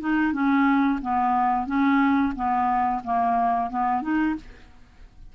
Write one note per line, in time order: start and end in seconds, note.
0.00 0.33 D#4
0.33 0.99 C#4
1.01 1.66 B3
1.66 2.33 C#4
2.35 3.02 B3
3.04 3.70 A#3
3.70 4.02 B3
4.02 4.35 D#4